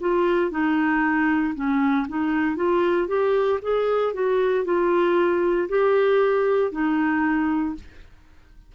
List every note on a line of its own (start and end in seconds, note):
0.00 0.50 F4
0.50 1.54 D#4
1.55 2.06 C#4
2.08 2.56 D#4
2.56 3.08 F4
3.08 3.59 G4
3.62 4.13 G#4
4.13 4.65 F#4
4.65 5.68 F4
5.68 6.71 G4
6.71 7.74 D#4